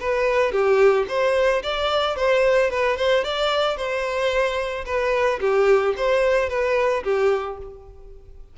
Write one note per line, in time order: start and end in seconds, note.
0.00 0.52 B4
0.52 1.06 G4
1.09 1.63 C5
1.63 2.16 D5
2.16 2.70 C5
2.71 2.97 B4
2.97 3.24 C5
3.24 3.77 D5
3.77 4.85 C5
4.86 5.40 B4
5.40 5.94 G4
5.97 6.49 C5
6.49 7.03 B4
7.04 7.58 G4